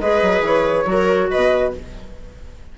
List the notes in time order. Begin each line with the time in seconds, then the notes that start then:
0.00 G#3 G#4 B4 D#5
0.21 F#3
0.41 E3 C#5
0.85 F#3 F#4
0.91 A#4
1.30 B2 B4 D#5